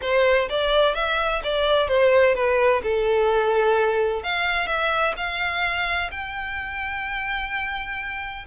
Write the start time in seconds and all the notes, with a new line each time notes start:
0.01 C5
0.49 D5
0.95 E5
1.43 D5
1.88 C5
2.35 B4
2.83 A4
4.23 F5
4.66 E5
5.16 F5
6.11 G5